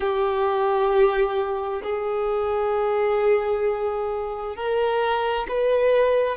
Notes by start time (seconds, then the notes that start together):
0.00 G4
1.83 G#4
4.55 A#4
5.48 B4